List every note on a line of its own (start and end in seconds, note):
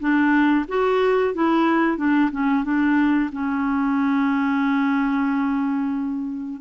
0.00 0.66 D4
0.69 1.35 F#4
1.35 1.98 E4
1.98 2.30 D4
2.32 2.65 C#4
2.65 3.31 D4
3.32 6.61 C#4